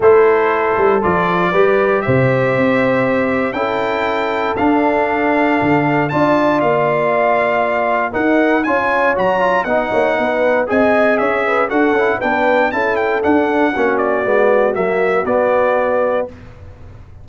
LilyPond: <<
  \new Staff \with { instrumentName = "trumpet" } { \time 4/4 \tempo 4 = 118 c''2 d''2 | e''2. g''4~ | g''4 f''2. | a''4 f''2. |
fis''4 gis''4 ais''4 fis''4~ | fis''4 gis''4 e''4 fis''4 | g''4 a''8 g''8 fis''4. d''8~ | d''4 e''4 d''2 | }
  \new Staff \with { instrumentName = "horn" } { \time 4/4 a'2. b'4 | c''2. a'4~ | a'1 | d''1 |
ais'4 cis''2 dis''8 cis''8 | b'4 dis''4 cis''8 b'8 a'4 | b'4 a'2 fis'4~ | fis'1 | }
  \new Staff \with { instrumentName = "trombone" } { \time 4/4 e'2 f'4 g'4~ | g'2. e'4~ | e'4 d'2. | f'1 |
dis'4 f'4 fis'8 f'8 dis'4~ | dis'4 gis'2 fis'8 e'8 | d'4 e'4 d'4 cis'4 | b4 ais4 b2 | }
  \new Staff \with { instrumentName = "tuba" } { \time 4/4 a4. g8 f4 g4 | c4 c'2 cis'4~ | cis'4 d'2 d4 | d'4 ais2. |
dis'4 cis'4 fis4 b8 ais8 | b4 c'4 cis'4 d'8 cis'8 | b4 cis'4 d'4 ais4 | gis4 fis4 b2 | }
>>